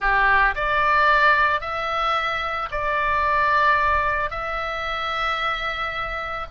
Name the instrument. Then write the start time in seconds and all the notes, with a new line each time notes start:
oboe
0.00 G4
0.55 D5
1.61 E5
2.71 D5
4.30 E5